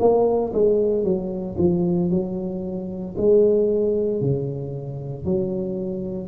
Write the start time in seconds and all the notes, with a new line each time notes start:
0.00 A#3
0.53 G#3
1.04 F#3
1.58 F3
2.11 F#3
3.18 G#3
4.22 C#3
5.25 F#3